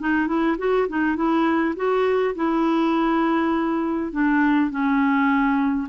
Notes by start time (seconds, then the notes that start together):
0.00 D#4
0.28 E4
0.59 F#4
0.89 D#4
1.16 E4
1.76 F#4
2.36 E4
4.12 D4
4.71 C#4